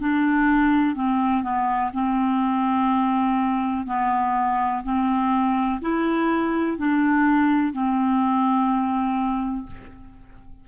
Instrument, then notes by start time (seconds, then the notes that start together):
clarinet
0.00 D4
0.95 C4
1.43 B3
1.94 C4
3.87 B3
4.83 C4
5.81 E4
6.77 D4
7.73 C4